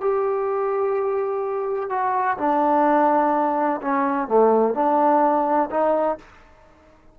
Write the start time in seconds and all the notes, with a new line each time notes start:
0.00 G4
1.89 F#4
2.37 D4
3.81 C#4
4.28 A3
4.74 D4
5.70 D#4